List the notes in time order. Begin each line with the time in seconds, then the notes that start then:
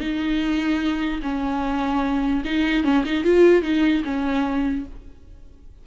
0.00 D#4
1.23 C#4
2.45 D#4
2.84 C#4
3.05 D#4
3.24 F4
3.63 D#4
4.05 C#4